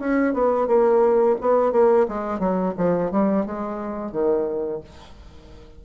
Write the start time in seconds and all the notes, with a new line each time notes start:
0.00 C#4
0.34 B3
0.67 A#3
1.41 B3
1.72 A#3
2.08 G#3
2.39 F#3
2.78 F3
3.12 G3
3.46 G#3
4.12 D#3